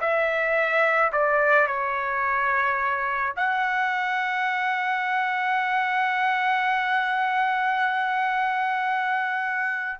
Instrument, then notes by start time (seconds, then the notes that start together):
trumpet
0.00 E5
1.12 D5
1.67 C#5
3.36 F#5